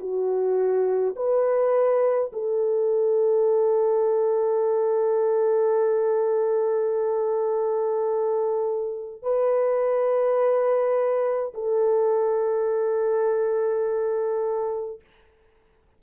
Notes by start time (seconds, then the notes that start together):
0.00 F#4
1.16 B4
2.32 A4
9.23 B4
11.54 A4